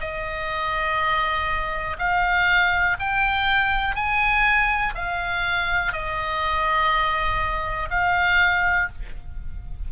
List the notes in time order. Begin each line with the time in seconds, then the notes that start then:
0.00 D#5
1.99 F5
3.00 G5
3.95 G#5
4.95 F5
5.92 D#5
7.90 F5